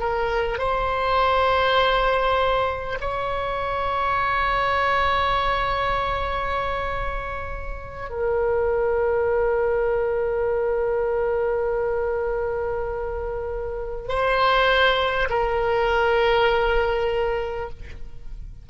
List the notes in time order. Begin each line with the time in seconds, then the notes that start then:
0.00 A#4
0.59 C5
3.01 C#5
8.10 A#4
14.09 C5
15.30 A#4